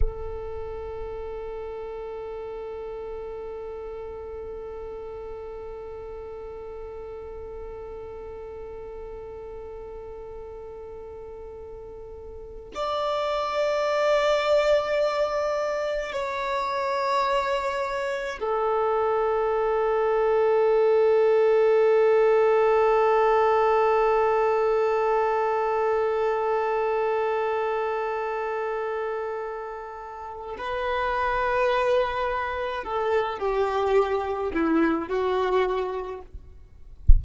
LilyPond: \new Staff \with { instrumentName = "violin" } { \time 4/4 \tempo 4 = 53 a'1~ | a'1~ | a'2.~ a'16 d''8.~ | d''2~ d''16 cis''4.~ cis''16~ |
cis''16 a'2.~ a'8.~ | a'1~ | a'2. b'4~ | b'4 a'8 g'4 e'8 fis'4 | }